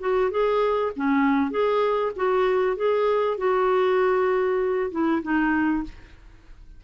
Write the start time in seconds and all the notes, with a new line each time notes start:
0.00 F#4
0.31 G#4
0.96 C#4
1.51 G#4
2.16 F#4
2.76 G#4
3.38 F#4
4.91 E4
5.22 D#4